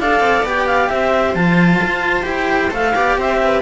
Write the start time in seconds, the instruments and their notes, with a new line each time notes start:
0.00 cello D4 A4, viola D5, clarinet F5
0.20 cello C4
0.44 cello B3 G4, clarinet G5
0.67 clarinet F5
0.89 cello C4, viola C5, clarinet E5
1.35 cello F3 F4, clarinet A5
1.84 cello F4
2.23 cello E4 G4, clarinet G5
2.71 cello A3 A4, clarinet F5
2.95 cello B3 G4, viola D5
3.18 cello C4, viola C5, clarinet E5
3.43 viola B4